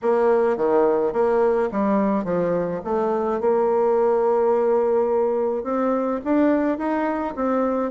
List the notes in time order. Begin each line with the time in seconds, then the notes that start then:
0.02 A#3
0.56 D#3
1.12 A#3
1.71 G3
2.24 F3
2.84 A3
3.40 A#3
5.63 C4
6.24 D4
6.77 D#4
7.35 C4